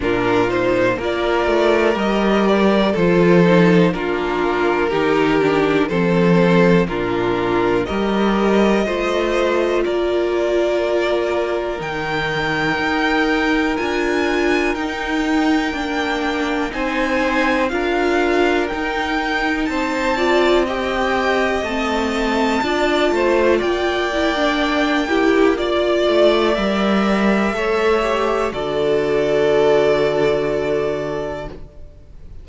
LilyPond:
<<
  \new Staff \with { instrumentName = "violin" } { \time 4/4 \tempo 4 = 61 ais'8 c''8 d''4 dis''8 d''8 c''4 | ais'2 c''4 ais'4 | dis''2 d''2 | g''2 gis''4 g''4~ |
g''4 gis''4 f''4 g''4 | a''4 g''4 a''2 | g''2 d''4 e''4~ | e''4 d''2. | }
  \new Staff \with { instrumentName = "violin" } { \time 4/4 f'4 ais'2 a'4 | f'4 g'4 a'4 f'4 | ais'4 c''4 ais'2~ | ais'1~ |
ais'4 c''4 ais'2 | c''8 d''8 dis''2 d''8 c''8 | d''4. g'8 d''2 | cis''4 a'2. | }
  \new Staff \with { instrumentName = "viola" } { \time 4/4 d'8 dis'8 f'4 g'4 f'8 dis'8 | d'4 dis'8 d'8 c'4 d'4 | g'4 f'2. | dis'2 f'4 dis'4 |
d'4 dis'4 f'4 dis'4~ | dis'8 f'8 g'4 c'4 f'4~ | f'8 e'16 d'8. e'8 f'4 ais'4 | a'8 g'8 fis'2. | }
  \new Staff \with { instrumentName = "cello" } { \time 4/4 ais,4 ais8 a8 g4 f4 | ais4 dis4 f4 ais,4 | g4 a4 ais2 | dis4 dis'4 d'4 dis'4 |
ais4 c'4 d'4 dis'4 | c'2 a4 d'8 a8 | ais2~ ais8 a8 g4 | a4 d2. | }
>>